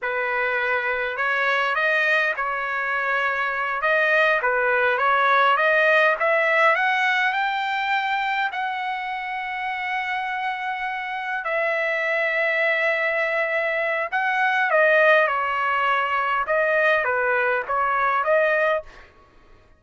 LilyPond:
\new Staff \with { instrumentName = "trumpet" } { \time 4/4 \tempo 4 = 102 b'2 cis''4 dis''4 | cis''2~ cis''8 dis''4 b'8~ | b'8 cis''4 dis''4 e''4 fis''8~ | fis''8 g''2 fis''4.~ |
fis''2.~ fis''8 e''8~ | e''1 | fis''4 dis''4 cis''2 | dis''4 b'4 cis''4 dis''4 | }